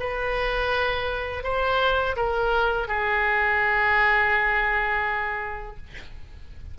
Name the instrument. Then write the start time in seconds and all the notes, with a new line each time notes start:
oboe
0.00 B4
1.44 C5
2.17 A#4
2.88 G#4